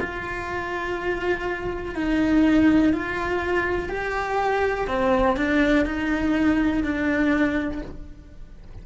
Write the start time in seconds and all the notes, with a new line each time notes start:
0.00 F4
1.95 D#4
2.93 F4
3.89 G4
4.87 C4
5.37 D4
5.85 D#4
6.84 D4